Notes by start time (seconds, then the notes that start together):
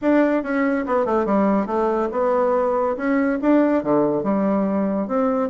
0.01 D4
0.43 C#4
0.86 B3
1.05 A3
1.25 G3
1.66 A3
2.11 B3
2.96 C#4
3.41 D4
3.83 D3
4.23 G3
5.07 C4